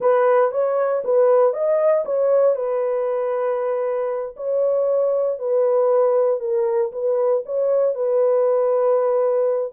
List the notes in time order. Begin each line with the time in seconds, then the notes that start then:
0.00 B4
0.51 C#5
1.04 B4
1.53 D#5
2.05 C#5
2.55 B4
4.36 C#5
5.38 B4
6.40 A#4
6.92 B4
7.45 C#5
7.94 B4